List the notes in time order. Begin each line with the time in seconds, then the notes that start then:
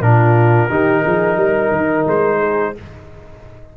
0.00 A#2 D4 F4 A#4
0.69 D#3 D#4 G4
1.03 F3 G#4
1.36 G3 A#4
1.71 D#3
2.07 G#3 C5
2.39 G#4